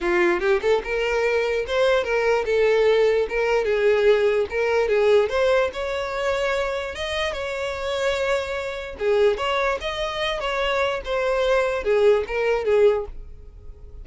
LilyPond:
\new Staff \with { instrumentName = "violin" } { \time 4/4 \tempo 4 = 147 f'4 g'8 a'8 ais'2 | c''4 ais'4 a'2 | ais'4 gis'2 ais'4 | gis'4 c''4 cis''2~ |
cis''4 dis''4 cis''2~ | cis''2 gis'4 cis''4 | dis''4. cis''4. c''4~ | c''4 gis'4 ais'4 gis'4 | }